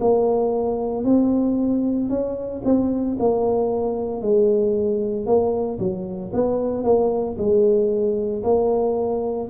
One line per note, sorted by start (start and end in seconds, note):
0.00 1.04 A#3
1.04 2.09 C4
2.09 2.62 C#4
2.65 3.17 C4
3.19 4.21 A#3
4.21 5.26 G#3
5.26 5.78 A#3
5.79 6.32 F#3
6.33 6.84 B3
6.84 7.36 A#3
7.37 8.43 G#3
8.43 9.48 A#3